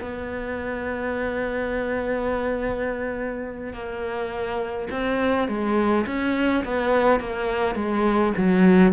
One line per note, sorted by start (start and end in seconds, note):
0.00 3.73 B3
3.73 4.88 A#3
4.90 5.48 C4
5.48 6.05 G#3
6.06 6.63 C#4
6.64 7.20 B3
7.20 7.75 A#3
7.75 8.33 G#3
8.37 8.92 F#3